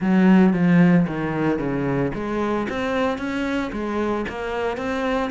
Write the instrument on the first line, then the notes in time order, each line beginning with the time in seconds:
cello
0.00 F#3
0.53 F3
1.07 D#3
1.59 C#3
2.14 G#3
2.69 C4
3.18 C#4
3.72 G#3
4.28 A#3
4.77 C4